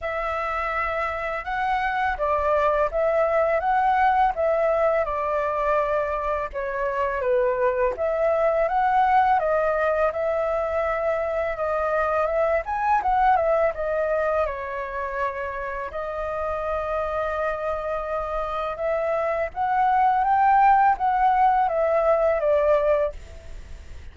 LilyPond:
\new Staff \with { instrumentName = "flute" } { \time 4/4 \tempo 4 = 83 e''2 fis''4 d''4 | e''4 fis''4 e''4 d''4~ | d''4 cis''4 b'4 e''4 | fis''4 dis''4 e''2 |
dis''4 e''8 gis''8 fis''8 e''8 dis''4 | cis''2 dis''2~ | dis''2 e''4 fis''4 | g''4 fis''4 e''4 d''4 | }